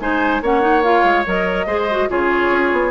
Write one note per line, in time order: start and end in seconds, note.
0.00 0.41 G#3
0.00 0.43 D#4
0.00 0.43 C5
0.00 0.43 G#5
0.41 1.04 A#3
0.41 0.61 C#4
0.41 1.67 C#5
0.41 0.83 F#5
0.61 0.82 D#4
0.83 1.26 F4
0.83 1.25 F5
1.04 1.25 G#3
1.26 1.66 F#3
1.26 1.67 A#4
1.26 2.11 D#5
1.66 2.08 G#3
1.66 1.88 G#4
1.66 2.09 C5
1.91 2.09 F#4
2.09 2.51 C#3
2.09 2.91 F4
2.09 2.91 G#4
2.09 2.91 C#5
2.51 2.72 C#4
2.72 2.91 B3